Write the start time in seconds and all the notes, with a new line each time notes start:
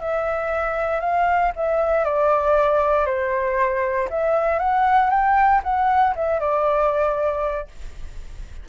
0.00 E5
1.00 F5
1.56 E5
2.04 D5
3.06 C5
4.10 E5
4.59 F#5
5.10 G5
5.63 F#5
6.15 E5
6.40 D5